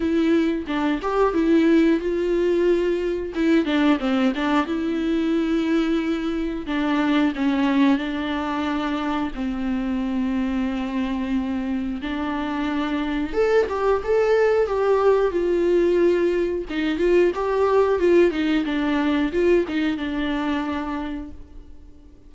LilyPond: \new Staff \with { instrumentName = "viola" } { \time 4/4 \tempo 4 = 90 e'4 d'8 g'8 e'4 f'4~ | f'4 e'8 d'8 c'8 d'8 e'4~ | e'2 d'4 cis'4 | d'2 c'2~ |
c'2 d'2 | a'8 g'8 a'4 g'4 f'4~ | f'4 dis'8 f'8 g'4 f'8 dis'8 | d'4 f'8 dis'8 d'2 | }